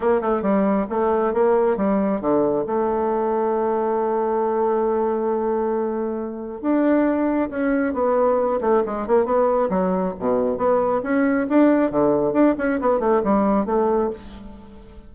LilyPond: \new Staff \with { instrumentName = "bassoon" } { \time 4/4 \tempo 4 = 136 ais8 a8 g4 a4 ais4 | g4 d4 a2~ | a1~ | a2. d'4~ |
d'4 cis'4 b4. a8 | gis8 ais8 b4 fis4 b,4 | b4 cis'4 d'4 d4 | d'8 cis'8 b8 a8 g4 a4 | }